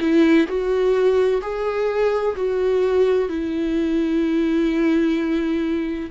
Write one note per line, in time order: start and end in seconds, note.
0.00 0.47 E4
0.47 1.41 F#4
1.41 2.35 G#4
2.36 3.29 F#4
3.29 6.10 E4